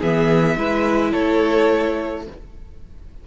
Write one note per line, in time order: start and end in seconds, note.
0.00 0.57 E3
0.00 0.58 B3
0.00 0.56 G#4
0.00 1.13 E5
0.57 1.13 G#3
0.57 2.26 E4
0.57 1.12 B4
1.12 2.27 A3
1.12 2.24 A4
1.12 2.25 C#5